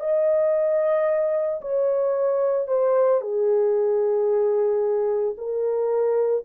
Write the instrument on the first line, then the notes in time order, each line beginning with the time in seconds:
horn
0.00 D#5
1.62 C#5
2.68 C5
3.21 G#4
5.38 A#4